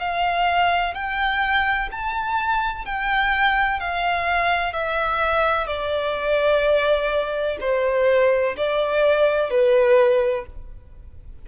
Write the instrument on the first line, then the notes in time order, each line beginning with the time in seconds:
violin
0.00 F5
0.94 G5
1.91 A5
2.85 G5
3.80 F5
4.73 E5
5.67 D5
7.61 C5
8.57 D5
9.51 B4